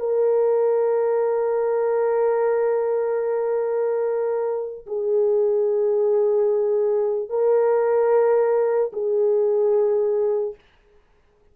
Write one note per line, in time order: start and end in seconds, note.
0.00 4.86 A#4
4.87 7.30 G#4
7.30 8.92 A#4
8.93 10.56 G#4